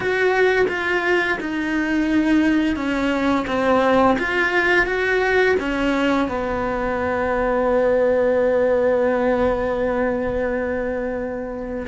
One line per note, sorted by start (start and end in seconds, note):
0.00 0.66 F#4
0.68 1.38 F4
1.40 2.76 D#4
2.76 3.45 C#4
3.47 4.17 C4
4.19 4.86 F4
4.86 5.55 F#4
5.59 6.28 C#4
6.28 11.86 B3